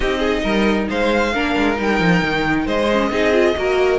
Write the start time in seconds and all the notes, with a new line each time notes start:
0.00 C4 D#4 G4 D#5
0.19 G#4
0.43 G3 A#4
0.89 G#3 C5 F5
1.33 A#3 D4 A#4
1.56 G#3
1.75 G3 D#4
1.82 G5
1.99 F3
2.22 D#3
2.65 G#3 C5 D#5
2.92 C#4
3.10 C4 D#4 G#4
3.32 F4
3.56 A#3 F#4 A#4